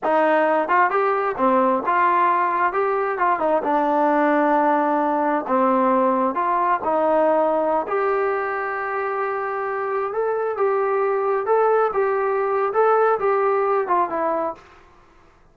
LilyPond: \new Staff \with { instrumentName = "trombone" } { \time 4/4 \tempo 4 = 132 dis'4. f'8 g'4 c'4 | f'2 g'4 f'8 dis'8 | d'1 | c'2 f'4 dis'4~ |
dis'4~ dis'16 g'2~ g'8.~ | g'2~ g'16 a'4 g'8.~ | g'4~ g'16 a'4 g'4.~ g'16 | a'4 g'4. f'8 e'4 | }